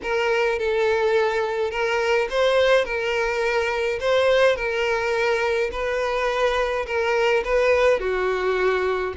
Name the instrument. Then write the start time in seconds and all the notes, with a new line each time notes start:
violin
0.02 A#4
0.58 A4
1.70 A#4
2.30 C5
2.84 A#4
4.00 C5
4.56 A#4
5.71 B4
6.86 A#4
7.44 B4
7.99 F#4